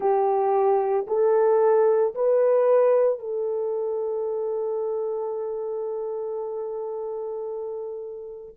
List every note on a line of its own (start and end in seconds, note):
0.00 1.06 G4
1.07 2.14 A4
2.14 3.19 B4
3.19 8.55 A4